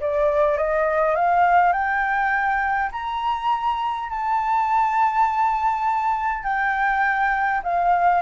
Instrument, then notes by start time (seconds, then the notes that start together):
flute
0.00 D5
0.57 D#5
1.16 F5
1.72 G5
2.92 A#5
4.09 A5
6.44 G5
7.64 F5